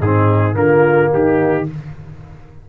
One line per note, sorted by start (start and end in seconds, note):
0.00 0.55 G#2
0.00 0.54 C4
0.00 0.56 D#4
0.00 0.56 G#4
0.54 1.10 D3
0.54 1.64 A#3
0.54 1.12 F4
0.54 1.11 A#4
1.13 1.68 D#3
1.13 1.69 D#4
1.13 1.69 G4